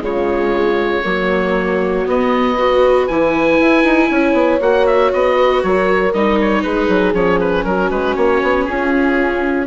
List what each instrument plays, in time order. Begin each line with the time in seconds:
0.00 bassoon C#3, viola G#3, horn F4, oboe C#5
1.03 bassoon F#3, viola A#3, horn F#4
2.05 viola B3, bassoon B3, oboe D#5
2.58 viola F#4, horn B4
3.07 bassoon E3, viola E4, oboe G#5
3.60 bassoon E4
3.83 bassoon D#4
4.10 bassoon C#4, horn C#5
4.32 bassoon B3
4.60 bassoon A#3, viola F#4, oboe F#5
4.86 oboe E5
5.13 bassoon B3, oboe D#5
5.36 horn B4
5.62 bassoon F#3, horn A#4, oboe C#5
6.13 bassoon G3, viola D#4, oboe D#5
6.41 oboe C#5
6.63 bassoon G#3, horn G#4, oboe B4
6.88 bassoon F#3
7.13 bassoon F3, viola C#4, oboe C#5
7.40 oboe B4
7.64 bassoon F#3, horn F#4, oboe A#4
7.90 bassoon G#3, oboe B4
8.15 bassoon A#3, oboe C#5
8.42 bassoon B3
8.65 bassoon C#4, horn F4, oboe G#4